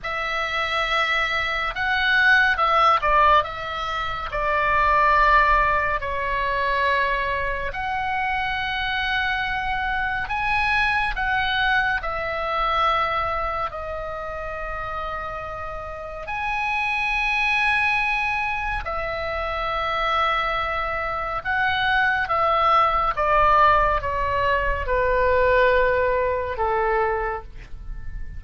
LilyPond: \new Staff \with { instrumentName = "oboe" } { \time 4/4 \tempo 4 = 70 e''2 fis''4 e''8 d''8 | e''4 d''2 cis''4~ | cis''4 fis''2. | gis''4 fis''4 e''2 |
dis''2. gis''4~ | gis''2 e''2~ | e''4 fis''4 e''4 d''4 | cis''4 b'2 a'4 | }